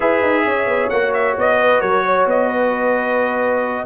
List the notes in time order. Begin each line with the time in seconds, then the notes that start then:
0.00 E4 G#4 B4 E5
0.22 D#4
0.44 C#4 C#5
0.66 B3
0.89 A#3 F#4 F#5
1.13 E5
1.37 B3 D#5
1.60 B4
1.80 F#3 A#4 C#5
2.05 C#5
2.25 B3 D#5
2.48 B4